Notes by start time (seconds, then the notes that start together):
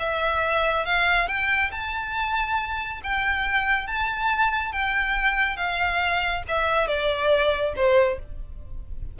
0.00 E5
0.86 F5
1.28 G5
1.72 A5
3.04 G5
3.87 A5
4.73 G5
5.57 F5
6.48 E5
6.88 D5
7.76 C5